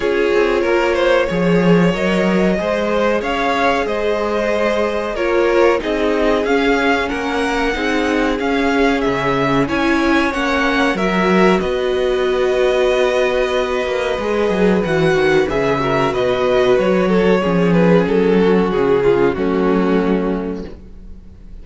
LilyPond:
<<
  \new Staff \with { instrumentName = "violin" } { \time 4/4 \tempo 4 = 93 cis''2. dis''4~ | dis''4 f''4 dis''2 | cis''4 dis''4 f''4 fis''4~ | fis''4 f''4 e''4 gis''4 |
fis''4 e''4 dis''2~ | dis''2. fis''4 | e''4 dis''4 cis''4. b'8 | a'4 gis'4 fis'2 | }
  \new Staff \with { instrumentName = "violin" } { \time 4/4 gis'4 ais'8 c''8 cis''2 | c''4 cis''4 c''2 | ais'4 gis'2 ais'4 | gis'2. cis''4~ |
cis''4 ais'4 b'2~ | b'1~ | b'8 ais'8 b'4. a'8 gis'4~ | gis'8 fis'4 f'8 cis'2 | }
  \new Staff \with { instrumentName = "viola" } { \time 4/4 f'2 gis'4 ais'4 | gis'1 | f'4 dis'4 cis'2 | dis'4 cis'2 e'4 |
cis'4 fis'2.~ | fis'2 gis'4 fis'4 | gis'8 fis'2~ fis'8 cis'4~ | cis'2 a2 | }
  \new Staff \with { instrumentName = "cello" } { \time 4/4 cis'8 c'8 ais4 f4 fis4 | gis4 cis'4 gis2 | ais4 c'4 cis'4 ais4 | c'4 cis'4 cis4 cis'4 |
ais4 fis4 b2~ | b4. ais8 gis8 fis8 e8 dis8 | cis4 b,4 fis4 f4 | fis4 cis4 fis2 | }
>>